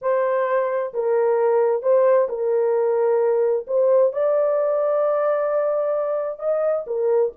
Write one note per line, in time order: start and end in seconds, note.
0.01 0.93 C5
0.93 1.82 A#4
1.82 2.28 C5
2.28 3.66 A#4
3.67 4.12 C5
4.12 6.39 D5
6.39 6.85 D#5
6.86 7.32 A#4